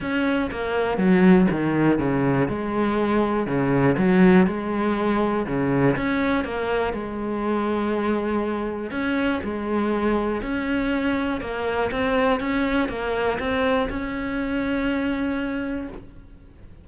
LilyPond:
\new Staff \with { instrumentName = "cello" } { \time 4/4 \tempo 4 = 121 cis'4 ais4 fis4 dis4 | cis4 gis2 cis4 | fis4 gis2 cis4 | cis'4 ais4 gis2~ |
gis2 cis'4 gis4~ | gis4 cis'2 ais4 | c'4 cis'4 ais4 c'4 | cis'1 | }